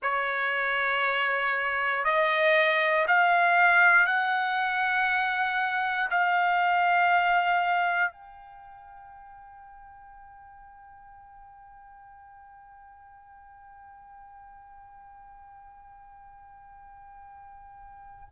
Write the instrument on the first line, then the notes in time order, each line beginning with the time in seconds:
trumpet
0.02 C#5
2.04 D#5
3.07 F5
4.06 F#5
6.10 F5
8.11 G5